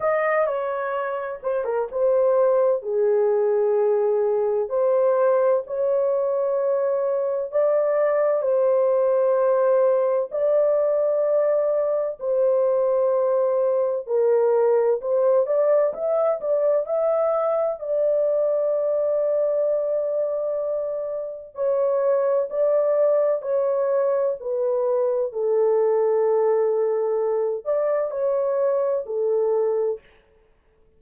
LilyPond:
\new Staff \with { instrumentName = "horn" } { \time 4/4 \tempo 4 = 64 dis''8 cis''4 c''16 ais'16 c''4 gis'4~ | gis'4 c''4 cis''2 | d''4 c''2 d''4~ | d''4 c''2 ais'4 |
c''8 d''8 e''8 d''8 e''4 d''4~ | d''2. cis''4 | d''4 cis''4 b'4 a'4~ | a'4. d''8 cis''4 a'4 | }